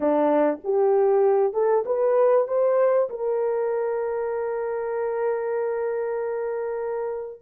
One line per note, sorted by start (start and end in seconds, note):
0.00 0.58 D4
0.64 1.53 G4
1.53 1.84 A4
1.85 2.47 B4
2.47 3.09 C5
3.09 7.41 A#4